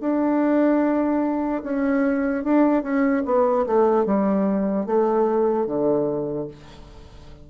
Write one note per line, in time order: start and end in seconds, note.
0.00 1.62 D4
1.63 2.44 C#4
2.44 2.82 D4
2.82 3.23 C#4
3.25 3.65 B3
3.66 4.05 A3
4.05 4.86 G3
4.86 5.66 A3
5.66 6.47 D3